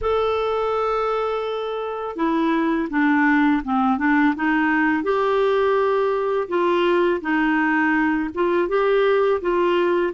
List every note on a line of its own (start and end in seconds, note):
0.01 2.16 A4
2.16 2.88 E4
2.89 3.62 D4
3.63 3.98 C4
3.98 4.34 D4
4.35 5.03 D#4
5.03 6.47 G4
6.48 7.21 F4
7.21 8.29 D#4
8.34 8.68 F4
8.68 9.40 G4
9.41 10.13 F4